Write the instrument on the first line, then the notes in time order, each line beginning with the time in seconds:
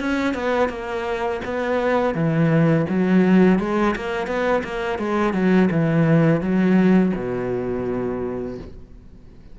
cello
0.00 C#4
0.34 B3
0.69 A#3
1.44 B3
2.15 E3
2.89 F#3
3.59 G#3
3.96 A#3
4.27 B3
4.64 A#3
4.99 G#3
5.33 F#3
5.71 E3
6.41 F#3
7.16 B2